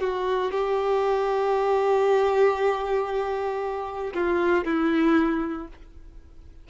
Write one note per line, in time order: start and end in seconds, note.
0.00 0.52 F#4
0.52 4.14 G4
4.14 4.65 F4
4.65 5.68 E4